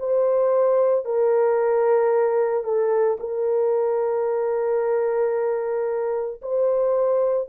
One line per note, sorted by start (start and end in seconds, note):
0.00 1.05 C5
1.05 2.64 A#4
2.64 3.18 A4
3.20 6.42 A#4
6.42 7.49 C5